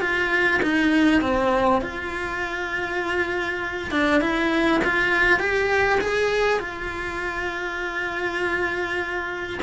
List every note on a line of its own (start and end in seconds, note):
0.00 0.60 F4
0.62 1.21 D#4
1.21 1.81 C4
1.81 3.91 F4
3.91 4.21 D4
4.21 4.81 E4
4.84 5.39 F4
5.39 5.99 G4
6.00 6.59 G#4
6.59 9.59 F4